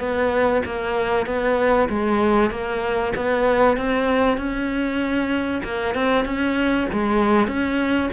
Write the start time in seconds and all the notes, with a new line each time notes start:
0.00 B3
0.66 A#3
1.26 B3
1.89 G#3
2.51 A#3
3.16 B3
3.77 C4
4.38 C#4
5.64 A#3
5.95 C4
6.25 C#4
6.93 G#3
7.48 C#4